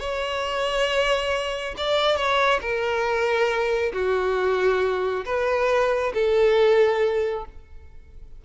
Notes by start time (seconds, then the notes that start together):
0.00 C#5
1.77 D5
2.17 C#5
2.61 A#4
3.94 F#4
5.25 B4
6.14 A4